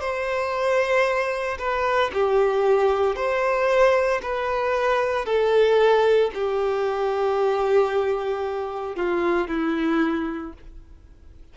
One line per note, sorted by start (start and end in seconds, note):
0.00 1.58 C5
1.58 2.11 B4
2.13 3.16 G4
3.16 4.21 C5
4.22 5.25 B4
5.25 6.31 A4
6.34 8.96 G4
8.96 9.48 F4
9.48 10.53 E4